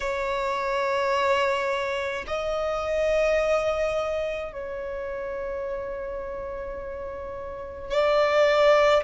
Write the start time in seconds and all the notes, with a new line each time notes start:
0.00 C#5
2.26 D#5
4.52 C#5
7.90 D5